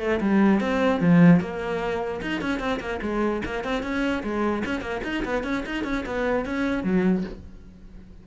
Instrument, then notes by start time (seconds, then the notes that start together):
cello
0.00 A3
0.21 G3
0.60 C4
1.00 F3
1.41 A#3
2.22 D#4
2.41 C#4
2.60 C4
2.80 A#3
3.02 G#3
3.45 A#3
3.64 C4
3.83 C#4
4.23 G#3
4.66 C#4
4.81 A#3
5.04 D#4
5.25 B3
5.44 C#4
5.66 D#4
5.84 C#4
6.06 B3
6.45 C#4
6.84 F#3